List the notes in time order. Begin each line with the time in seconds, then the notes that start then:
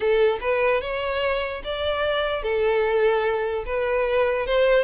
0.00 A4
0.40 B4
0.81 C#5
1.63 D5
2.43 A4
3.65 B4
4.46 C5